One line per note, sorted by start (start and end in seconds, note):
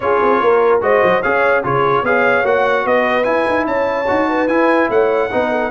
0.00 0.20 C#4
0.00 0.81 F4
0.00 0.42 G#4
0.00 0.80 C#5
0.22 0.40 C4
0.40 0.80 A#3
0.40 0.82 A#4
0.80 1.01 G#3
0.80 1.22 F#4
0.80 1.22 C5
0.80 1.22 D#5
1.03 1.23 F#3
1.22 1.64 C#4
1.22 1.63 G#4
1.22 1.63 C#5
1.22 1.63 F5
1.63 2.02 C#3
1.63 2.04 F4
1.63 2.04 G#4
1.63 2.05 C#5
2.02 2.43 B3
2.02 2.44 G#4
2.02 2.84 C#5
2.02 2.45 F5
2.44 2.84 A#3
2.44 3.23 F#4
2.44 2.86 F#5
2.84 3.25 B3
2.84 3.66 B4
2.84 3.23 D#5
3.23 4.05 E4
3.23 3.46 E4
3.23 3.64 G#5
3.47 3.66 D#4
3.66 4.07 C#4
3.66 4.28 C#5
3.66 4.48 A5
4.07 4.47 D#4
4.07 4.48 F#4
4.28 4.89 B4
4.47 4.88 E4
4.47 5.30 E4
4.47 4.89 G#5
4.89 5.30 A3
4.89 5.30 C#5
4.89 5.71 F#5
5.31 5.71 B3
5.31 5.71 D#4
5.31 5.50 B4
5.50 5.71 A4